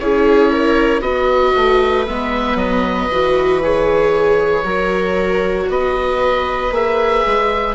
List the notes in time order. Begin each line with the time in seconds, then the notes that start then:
0.00 C#4 E4 G#4 C#5
0.52 A#4
1.01 B3 F#4 B4 D#5
1.56 A3
2.07 G#3 B3 E5
2.56 F#3 D#5
3.12 E3 F#4
3.64 G#4 C#5
4.64 F#3 F#4 A#4
5.69 B3 B4 D#5
6.72 A#3 G#4 E5
7.27 G#3